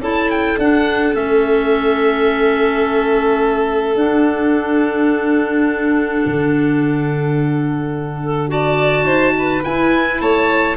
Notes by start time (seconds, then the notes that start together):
0.00 C#4 E4 A4 A5
0.30 G5
0.58 D4 F#5
1.12 A3 C#4 E5
3.95 D4 F#5
6.26 D3
8.23 A4
8.48 F#4 D5 A5
9.03 D#4 C5
9.38 B4
9.64 E4 G#5
10.21 A3 C#5 A5